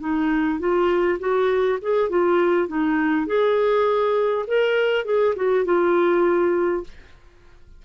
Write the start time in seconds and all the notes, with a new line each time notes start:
0.00 D#4
0.59 F4
1.20 F#4
1.82 G#4
2.09 F4
2.68 D#4
3.26 G#4
4.47 A#4
5.05 G#4
5.36 F#4
5.65 F4